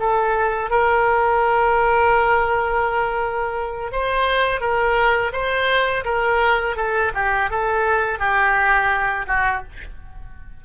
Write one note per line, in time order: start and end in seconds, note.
0.00 0.71 A4
0.71 3.92 A#4
3.93 4.61 C5
4.61 5.32 A#4
5.33 6.05 C5
6.05 6.77 A#4
6.77 7.13 A4
7.15 7.51 G4
7.51 8.19 A4
8.19 9.27 G4
9.27 9.63 F#4